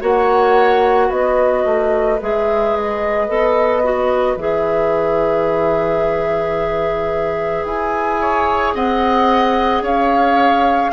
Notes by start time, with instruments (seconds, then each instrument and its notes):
0.00 bassoon A#3, clarinet F#4, oboe C#5, flute F#5
1.07 bassoon B3, oboe B4, flute D#5
1.65 bassoon A3
2.21 bassoon G#3, clarinet G#4, flute E5
2.76 flute D#5
3.28 bassoon B3, clarinet A4
3.83 clarinet F#4
4.36 bassoon E3, clarinet G#4, flute E5
7.65 bassoon E4, flute G#5
8.20 oboe C#5
8.74 bassoon C4, oboe D#5, flute F#5
9.82 bassoon C#4, oboe C#5, flute F5